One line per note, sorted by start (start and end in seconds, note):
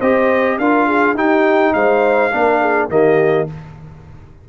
0.00 0.59 C4
0.00 0.61 G4
0.00 0.58 C5
0.00 0.59 D#5
0.59 1.15 D4
0.59 1.16 F4
0.59 0.87 A#4
0.59 1.17 F5
0.87 1.16 G#4
1.15 1.73 D#4
1.15 2.32 D#4
1.15 1.73 G4
1.15 1.74 G5
1.74 2.33 G#3
1.74 2.33 C5
1.74 2.89 F5
2.32 2.89 A#3
2.32 2.90 D4
2.32 2.61 A#4
2.61 2.90 G#4
2.89 3.47 D#3
2.89 3.48 A#3
2.89 3.49 G4
2.89 3.49 D#5